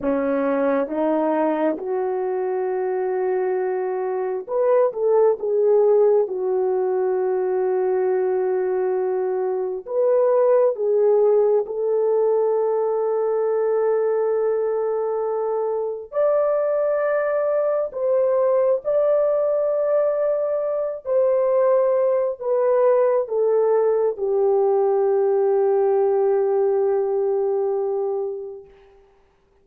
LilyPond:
\new Staff \with { instrumentName = "horn" } { \time 4/4 \tempo 4 = 67 cis'4 dis'4 fis'2~ | fis'4 b'8 a'8 gis'4 fis'4~ | fis'2. b'4 | gis'4 a'2.~ |
a'2 d''2 | c''4 d''2~ d''8 c''8~ | c''4 b'4 a'4 g'4~ | g'1 | }